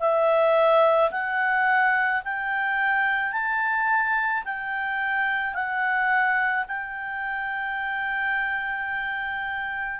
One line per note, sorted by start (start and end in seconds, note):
0.00 1.11 E5
1.11 2.22 F#5
2.24 3.33 G5
3.33 4.44 A5
4.45 5.54 G5
5.54 6.65 F#5
6.68 9.99 G5